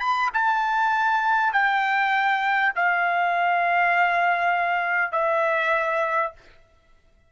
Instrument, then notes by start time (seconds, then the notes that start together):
trumpet
0.00 B5
0.33 A5
1.52 G5
2.75 F5
5.12 E5